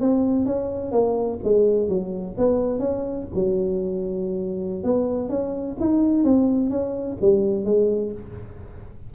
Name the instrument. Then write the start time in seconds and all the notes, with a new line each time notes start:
tuba
0.00 C4
0.45 C#4
0.91 A#3
1.43 G#3
1.88 F#3
2.38 B3
2.79 C#4
3.34 F#3
4.83 B3
5.29 C#4
5.80 D#4
6.24 C4
6.70 C#4
7.21 G3
7.64 G#3